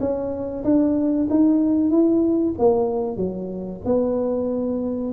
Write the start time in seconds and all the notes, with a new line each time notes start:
0.00 C#4
0.64 D4
1.30 D#4
1.90 E4
2.59 A#3
3.17 F#3
3.85 B3